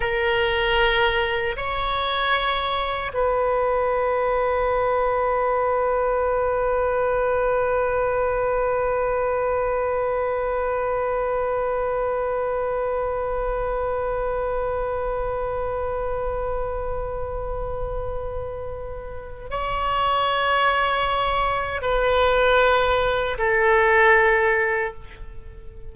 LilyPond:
\new Staff \with { instrumentName = "oboe" } { \time 4/4 \tempo 4 = 77 ais'2 cis''2 | b'1~ | b'1~ | b'1~ |
b'1~ | b'1~ | b'4 cis''2. | b'2 a'2 | }